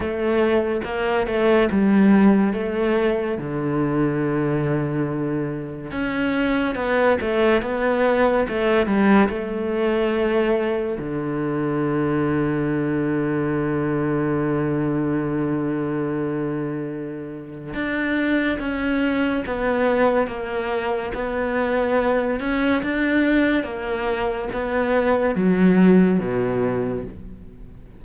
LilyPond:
\new Staff \with { instrumentName = "cello" } { \time 4/4 \tempo 4 = 71 a4 ais8 a8 g4 a4 | d2. cis'4 | b8 a8 b4 a8 g8 a4~ | a4 d2.~ |
d1~ | d4 d'4 cis'4 b4 | ais4 b4. cis'8 d'4 | ais4 b4 fis4 b,4 | }